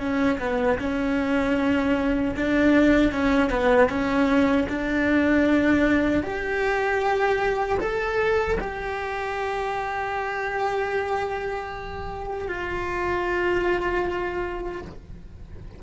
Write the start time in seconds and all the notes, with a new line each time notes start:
0.00 C#4
0.39 B3
0.79 C#4
2.36 D4
3.12 C#4
3.50 B3
3.89 C#4
4.69 D4
6.23 G4
7.80 A4
8.60 G4
12.48 F4